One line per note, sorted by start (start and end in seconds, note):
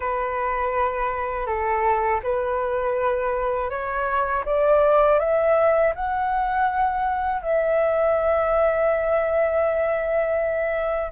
0.00 1.46 B4
1.46 2.20 A4
2.23 3.70 B4
3.70 4.44 C#5
4.45 5.19 D5
5.19 5.93 E5
5.95 7.41 F#5
7.41 11.12 E5